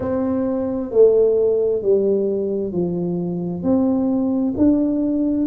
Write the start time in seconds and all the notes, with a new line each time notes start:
0.00 C4
0.91 A3
1.82 G3
2.72 F3
3.62 C4
4.57 D4